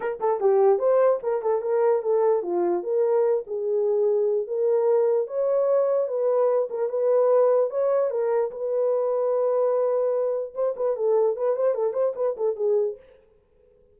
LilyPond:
\new Staff \with { instrumentName = "horn" } { \time 4/4 \tempo 4 = 148 ais'8 a'8 g'4 c''4 ais'8 a'8 | ais'4 a'4 f'4 ais'4~ | ais'8 gis'2~ gis'8 ais'4~ | ais'4 cis''2 b'4~ |
b'8 ais'8 b'2 cis''4 | ais'4 b'2.~ | b'2 c''8 b'8 a'4 | b'8 c''8 a'8 c''8 b'8 a'8 gis'4 | }